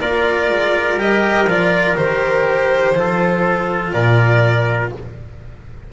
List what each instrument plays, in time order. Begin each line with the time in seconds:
0.00 double bass A#3, cello F4, trumpet A#4, violin D5
0.49 double bass G#3
0.94 double bass G3, cello G4, violin D#5
1.45 double bass F3, cello F4, violin D5
1.95 double bass D#3, cello G4, violin C5
2.94 double bass F3, cello F4, trumpet A4
3.92 double bass A#2, trumpet A#4, violin D5